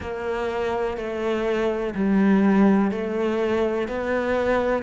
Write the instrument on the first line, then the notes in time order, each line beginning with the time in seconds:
cello
0.00 A#3
0.97 A3
1.94 G3
2.91 A3
3.88 B3